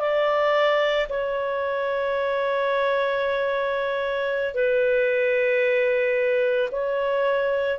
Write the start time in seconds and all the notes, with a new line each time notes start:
0.00 D5
1.10 C#5
4.55 B4
6.72 C#5